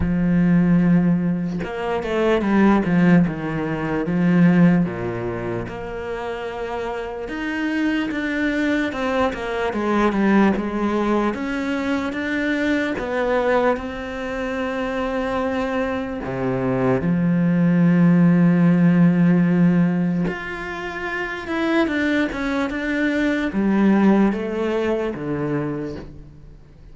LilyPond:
\new Staff \with { instrumentName = "cello" } { \time 4/4 \tempo 4 = 74 f2 ais8 a8 g8 f8 | dis4 f4 ais,4 ais4~ | ais4 dis'4 d'4 c'8 ais8 | gis8 g8 gis4 cis'4 d'4 |
b4 c'2. | c4 f2.~ | f4 f'4. e'8 d'8 cis'8 | d'4 g4 a4 d4 | }